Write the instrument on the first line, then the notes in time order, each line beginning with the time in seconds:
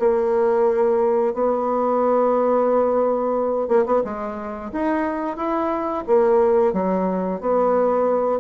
bassoon
0.00 A#3
1.34 B3
3.68 A#3
3.86 B3
4.04 G#3
4.73 D#4
5.37 E4
6.07 A#3
6.74 F#3
7.41 B3